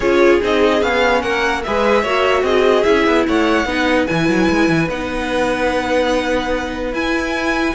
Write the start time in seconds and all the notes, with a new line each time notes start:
0.00 C#4 F4 G#4 C#5
0.41 C4 D#4 D#5
0.81 B3 C#4 F5
1.22 A#3 A#4 F#5
1.63 G#3 G#4 B4 E5
2.02 A#3 F#4 C#5
2.42 C4 G#4 D#5
2.83 C#4 E4 E5
3.06 B3
3.27 A3 C#5 F#5
3.65 B3 D#4 B4
4.06 E3 E4 G#5
4.28 F#3
4.49 G#3
4.68 E3
4.88 B3 D#4 F#5
6.92 E4 G#5